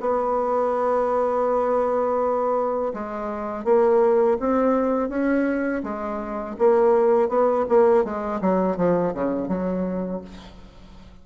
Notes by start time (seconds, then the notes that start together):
0.00 B3
2.94 G#3
3.64 A#3
4.39 C4
5.09 C#4
5.83 G#3
6.58 A#3
7.29 B3
7.69 A#3
8.04 G#3
8.41 F#3
8.77 F3
9.14 C#3
9.48 F#3